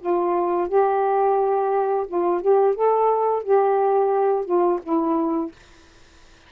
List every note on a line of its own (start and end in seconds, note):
0.00 0.69 F4
0.69 2.07 G4
2.08 2.42 F4
2.42 2.75 G4
2.75 3.43 A4
3.43 4.45 G4
4.45 4.80 F4
4.83 5.52 E4